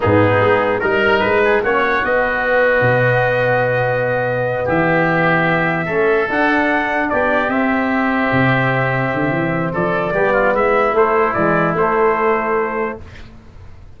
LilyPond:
<<
  \new Staff \with { instrumentName = "trumpet" } { \time 4/4 \tempo 4 = 148 gis'2 ais'4 b'4 | cis''4 dis''2.~ | dis''2.~ dis''8 e''8~ | e''2.~ e''8 fis''8~ |
fis''4. d''4 e''4.~ | e''1 | d''2 e''4 c''4 | d''4 c''2. | }
  \new Staff \with { instrumentName = "oboe" } { \time 4/4 dis'2 ais'4. gis'8 | fis'1~ | fis'2.~ fis'8 g'8~ | g'2~ g'8 a'4.~ |
a'4. g'2~ g'8~ | g'1 | a'4 g'8 f'8 e'2~ | e'1 | }
  \new Staff \with { instrumentName = "trombone" } { \time 4/4 b2 dis'2 | cis'4 b2.~ | b1~ | b2~ b8 cis'4 d'8~ |
d'2~ d'8 c'4.~ | c'1~ | c'4 b2 a4 | gis4 a2. | }
  \new Staff \with { instrumentName = "tuba" } { \time 4/4 gis,4 gis4 g4 gis4 | ais4 b2 b,4~ | b,2.~ b,8 e8~ | e2~ e8 a4 d'8~ |
d'4. b4 c'4.~ | c'8 c2 d8 e4 | f4 g4 gis4 a4 | e4 a2. | }
>>